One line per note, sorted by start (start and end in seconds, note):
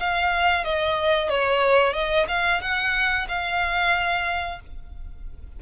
0.00 0.65 F5
0.65 1.29 D#5
1.29 1.94 C#5
1.94 2.27 D#5
2.28 2.61 F5
2.62 3.28 F#5
3.29 4.61 F5